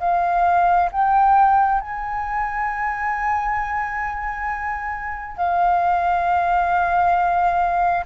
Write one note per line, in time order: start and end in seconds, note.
0.00 0.90 F5
0.92 1.81 G5
1.81 5.37 G#5
5.37 8.06 F5